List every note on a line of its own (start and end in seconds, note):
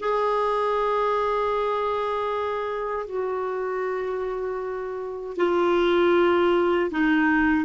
0.00 3.07 G#4
3.07 5.37 F#4
5.37 6.91 F4
6.91 7.65 D#4